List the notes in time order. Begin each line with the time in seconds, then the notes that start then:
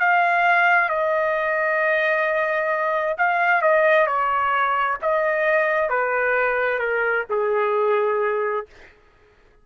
0.00 F5
0.89 D#5
3.18 F5
3.62 D#5
4.07 C#5
5.02 D#5
5.89 B4
6.79 A#4
7.30 G#4